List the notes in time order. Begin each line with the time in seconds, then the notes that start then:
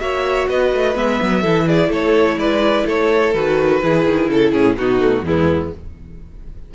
0.00 A#3 F#4 C#5 E5
0.48 B3 B4 D#5
0.73 A3
0.95 G#3 B3 E5
1.22 F#3
1.41 E3 E4 A4
1.67 G#4 D5
1.89 A3 A4 C#5
2.36 G#3 B4 D5
2.86 A3 A4 C#5
3.34 D#3 F#4 B4
3.83 E3 E4 G#4
4.06 D#3
4.29 C#3 A4
4.52 A2 C#4 G#4
4.78 B2 B3 D#4 F#4
5.00 A3
5.23 E2 G#3 B3 E4